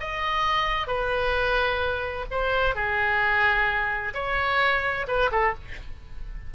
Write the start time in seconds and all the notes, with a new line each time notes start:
0.00 D#5
0.87 B4
2.31 C5
2.75 G#4
4.14 C#5
5.07 B4
5.32 A4